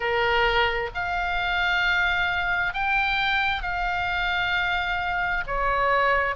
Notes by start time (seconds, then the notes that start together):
0.00 A#4
0.94 F5
2.73 G5
3.62 F5
5.46 C#5